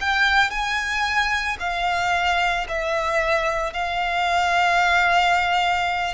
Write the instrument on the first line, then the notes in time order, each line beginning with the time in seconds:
violin
0.00 G5
0.50 G#5
1.59 F5
2.68 E5
3.73 F5